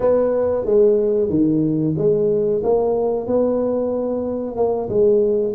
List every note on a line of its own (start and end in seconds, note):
0.00 0.65 B3
0.65 1.29 G#3
1.29 1.94 D#3
1.97 2.62 G#3
2.63 3.26 A#3
3.26 4.56 B3
4.56 4.89 A#3
4.89 5.54 G#3